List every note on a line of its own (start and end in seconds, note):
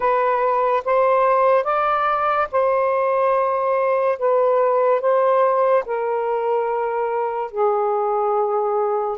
0.00 0.83 B4
0.84 1.64 C5
1.64 2.47 D5
2.51 4.18 C5
4.18 5.00 B4
5.00 5.84 C5
5.85 7.51 A#4
7.51 9.17 G#4